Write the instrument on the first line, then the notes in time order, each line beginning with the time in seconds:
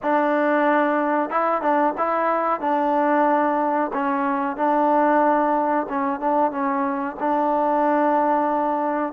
trombone
0.02 D4
1.30 E4
1.61 D4
1.97 E4
2.60 D4
3.93 C#4
4.56 D4
5.89 C#4
6.20 D4
6.51 C#4
7.19 D4